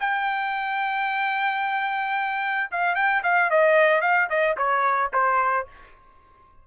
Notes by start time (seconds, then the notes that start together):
0.00 G5
2.71 F5
2.95 G5
3.23 F5
3.50 D#5
4.01 F5
4.29 D#5
4.57 C#5
5.13 C5